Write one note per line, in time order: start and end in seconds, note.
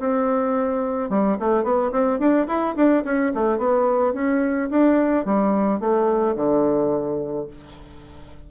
0.00 1.10 C4
1.10 1.38 G3
1.40 1.64 A3
1.64 1.91 B3
1.92 2.19 C4
2.19 2.47 D4
2.48 2.76 E4
2.76 3.04 D4
3.05 3.33 C#4
3.35 3.58 A3
3.58 4.14 B3
4.14 4.69 C#4
4.71 5.26 D4
5.26 5.80 G3
5.80 6.36 A3
6.36 7.47 D3